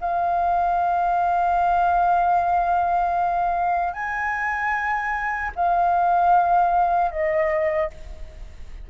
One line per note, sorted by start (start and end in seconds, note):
0.00 3.93 F5
3.93 5.51 G#5
5.56 7.11 F5
7.11 7.90 D#5